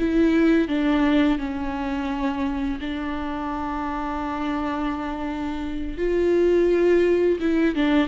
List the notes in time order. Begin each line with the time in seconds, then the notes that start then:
0.00 E4
0.69 D4
1.39 C#4
2.81 D4
5.98 F4
7.40 E4
7.76 D4